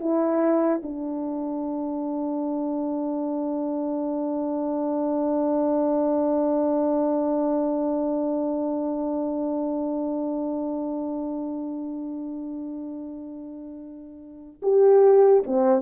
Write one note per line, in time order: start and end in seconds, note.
0.00 0.81 E4
0.83 14.61 D4
14.62 15.43 G4
15.47 15.82 C4